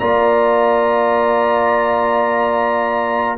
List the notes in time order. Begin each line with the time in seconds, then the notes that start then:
0.00 A#3 F4 D5 A#5